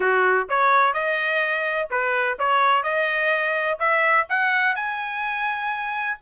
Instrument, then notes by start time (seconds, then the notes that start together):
trumpet
0.00 F#4
0.49 C#5
0.93 D#5
1.90 B4
2.38 C#5
2.83 D#5
3.79 E5
4.29 F#5
4.75 G#5